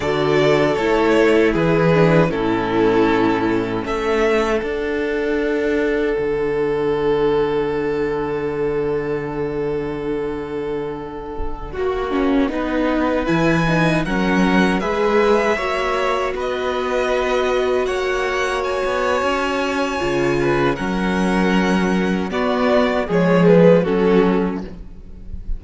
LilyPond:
<<
  \new Staff \with { instrumentName = "violin" } { \time 4/4 \tempo 4 = 78 d''4 cis''4 b'4 a'4~ | a'4 e''4 fis''2~ | fis''1~ | fis''1~ |
fis''4~ fis''16 gis''4 fis''4 e''8.~ | e''4~ e''16 dis''2 fis''8.~ | fis''16 gis''2~ gis''8. fis''4~ | fis''4 d''4 cis''8 b'8 a'4 | }
  \new Staff \with { instrumentName = "violin" } { \time 4/4 a'2 gis'4 e'4~ | e'4 a'2.~ | a'1~ | a'2.~ a'16 fis'8.~ |
fis'16 b'2 ais'4 b'8.~ | b'16 cis''4 b'2 cis''8.~ | cis''2~ cis''8 b'8 ais'4~ | ais'4 fis'4 gis'4 fis'4 | }
  \new Staff \with { instrumentName = "viola" } { \time 4/4 fis'4 e'4. d'8 cis'4~ | cis'2 d'2~ | d'1~ | d'2.~ d'16 fis'8 cis'16~ |
cis'16 dis'4 e'8 dis'8 cis'4 gis'8.~ | gis'16 fis'2.~ fis'8.~ | fis'2 f'4 cis'4~ | cis'4 b4 gis4 cis'4 | }
  \new Staff \with { instrumentName = "cello" } { \time 4/4 d4 a4 e4 a,4~ | a,4 a4 d'2 | d1~ | d2.~ d16 ais8.~ |
ais16 b4 e4 fis4 gis8.~ | gis16 ais4 b2 ais8.~ | ais8 b8 cis'4 cis4 fis4~ | fis4 b4 f4 fis4 | }
>>